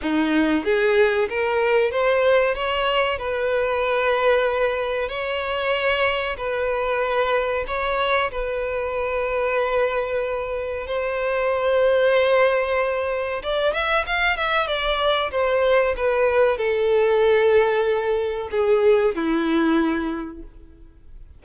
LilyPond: \new Staff \with { instrumentName = "violin" } { \time 4/4 \tempo 4 = 94 dis'4 gis'4 ais'4 c''4 | cis''4 b'2. | cis''2 b'2 | cis''4 b'2.~ |
b'4 c''2.~ | c''4 d''8 e''8 f''8 e''8 d''4 | c''4 b'4 a'2~ | a'4 gis'4 e'2 | }